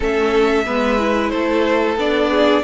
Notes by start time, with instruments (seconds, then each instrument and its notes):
0.00 cello A3, viola C#4, violin A4 E5
0.66 cello G#3, viola B3, violin B4
0.98 viola E4
1.29 cello A3, violin A4 C5
1.96 cello B3, viola D4, violin D5
2.30 violin G#4